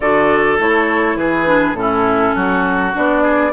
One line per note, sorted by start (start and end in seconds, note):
0.00 0.58 D3
0.00 0.58 F#4
0.00 1.18 A4
0.00 0.57 D5
0.58 1.15 A3
0.58 1.46 E4
0.58 1.16 C#5
1.15 1.73 E3
1.15 1.77 G#4
1.15 1.74 B4
1.46 1.75 D4
1.73 2.32 A2
1.73 2.93 C#4
1.73 2.92 A4
1.80 2.35 E4
2.35 2.94 F#3
2.35 3.22 F#4
2.93 3.52 B3
2.93 3.52 D4
2.93 3.52 D5
3.22 3.52 G#4